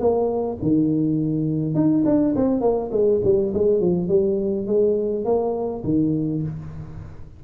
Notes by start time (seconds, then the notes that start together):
0.00 A#3
0.62 D#3
1.75 D#4
2.06 D4
2.36 C4
2.61 A#3
2.92 G#3
3.24 G3
3.54 G#3
3.81 F3
4.09 G3
4.67 G#3
5.25 A#3
5.85 D#3